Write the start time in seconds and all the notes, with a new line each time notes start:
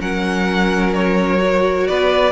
0.00 F#3 C#4 A#4 F#5
0.94 C#5
1.39 F#4
1.88 B3 B4 D5